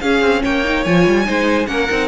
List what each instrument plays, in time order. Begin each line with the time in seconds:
0.00 cello C#4, viola C#4, violin G#4 F5
0.21 cello C4
0.42 cello A#3, violin C#5 G5
0.64 viola D#4
0.84 cello F3, viola F4, violin G#5
1.07 cello G3
1.24 cello G#3, viola D#4, violin C5
1.66 cello A#3, viola C#4, violin A#4 F#5
1.89 cello C4, viola D#4